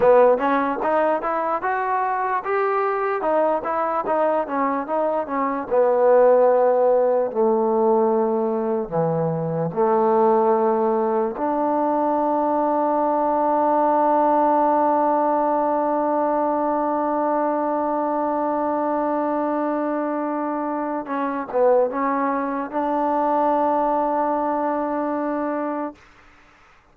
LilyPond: \new Staff \with { instrumentName = "trombone" } { \time 4/4 \tempo 4 = 74 b8 cis'8 dis'8 e'8 fis'4 g'4 | dis'8 e'8 dis'8 cis'8 dis'8 cis'8 b4~ | b4 a2 e4 | a2 d'2~ |
d'1~ | d'1~ | d'2 cis'8 b8 cis'4 | d'1 | }